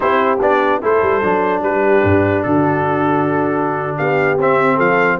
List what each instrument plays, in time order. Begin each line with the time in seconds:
0.00 tuba C4, trombone E4, horn G4, trumpet C5
0.40 tuba B3, trombone D4, trumpet D5
0.81 tuba A3, trombone E4, horn A4, trumpet C5
1.02 tuba G3
1.21 tuba F#3, trombone D4
1.62 tuba G3, horn G4, trumpet B4
2.03 tuba G2
2.42 tuba D3, horn F#4, trumpet A4
3.97 tuba B3, horn G4, trumpet F5
4.38 tuba C4, trombone C4, trumpet E5
4.75 tuba F3, horn A4, trumpet F5